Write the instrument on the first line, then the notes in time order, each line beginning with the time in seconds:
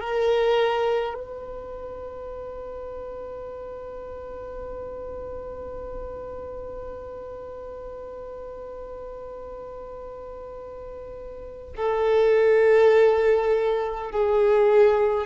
violin
0.00 A#4
1.14 B4
11.77 A4
14.12 G#4